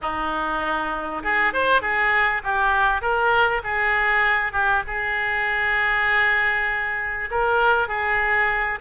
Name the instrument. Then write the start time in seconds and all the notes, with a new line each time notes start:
oboe
0.01 D#4
1.23 G#4
1.53 C5
1.81 G#4
2.43 G4
3.01 A#4
3.63 G#4
4.52 G4
4.87 G#4
7.30 A#4
7.88 G#4